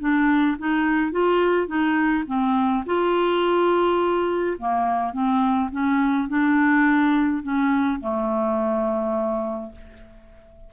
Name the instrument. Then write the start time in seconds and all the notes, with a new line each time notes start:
clarinet
0.00 D4
0.58 D#4
1.12 F4
1.67 D#4
2.27 C4
2.86 F4
4.58 A#3
5.12 C4
5.71 C#4
6.29 D4
7.43 C#4
8.00 A3